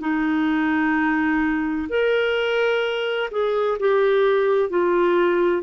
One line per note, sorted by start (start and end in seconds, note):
0.00 1.87 D#4
1.89 3.29 A#4
3.31 3.78 G#4
3.79 4.69 G4
4.69 5.62 F4